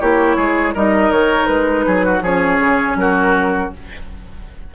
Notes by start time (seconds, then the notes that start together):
0.00 A#3 E4 G4 C#5
0.37 G#3 G#4
0.74 G3 D#4 A#4 D#5
1.11 D#3 C#5
1.46 G#3 B4
1.87 F#3 G#4
2.05 F#4
2.21 F3 C#4 G#4 C#5
2.60 C#3
2.95 F#3 F#4 A#4